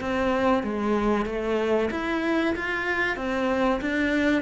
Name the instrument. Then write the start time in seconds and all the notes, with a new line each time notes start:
cello
0.00 C4
0.63 G#3
1.25 A3
1.91 E4
2.55 F4
3.16 C4
3.81 D4